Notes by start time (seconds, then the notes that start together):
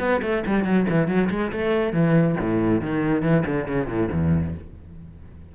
0.00 B3
0.23 A3
0.47 G3
0.65 F#3
0.90 E3
1.08 F#3
1.30 G#3
1.52 A3
1.93 E3
2.41 A2
2.82 D#3
3.23 E3
3.46 D3
3.68 C#3
3.87 A2
4.12 E2